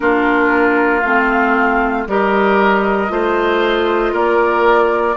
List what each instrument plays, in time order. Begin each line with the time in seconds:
0.00 bassoon A#3, clarinet D4, oboe F4, flute A#4
1.00 bassoon A3, clarinet C4, flute F5
2.07 bassoon G3, clarinet G4, oboe A#4, flute D#5
3.08 bassoon A3, clarinet F4, oboe C5
4.12 bassoon A#3, oboe A#4, flute D5